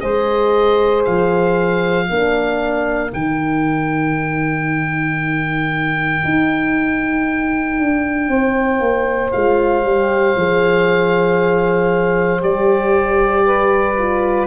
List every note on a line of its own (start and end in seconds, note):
0.00 1.06 G#3
0.00 2.08 G#4
0.00 2.06 C5
0.00 1.03 D#5
1.05 2.10 F3
1.05 3.12 F5
2.06 3.13 A#3
2.06 3.12 D4
2.06 8.26 A#4
3.12 6.24 D#3
3.12 9.33 D#4
3.12 9.32 G5
6.25 7.80 D#4
7.80 8.28 D4
8.28 8.80 C4
8.28 13.46 C5
8.80 9.32 A#3
9.32 9.84 G#3
9.32 9.85 F4
9.32 12.42 F5
9.84 10.36 G3
9.84 10.37 G4
10.36 12.43 F3
10.36 12.41 G#4
12.41 14.47 G3
12.41 13.96 G4
12.41 14.47 D5
13.46 14.47 B4
13.98 14.47 F4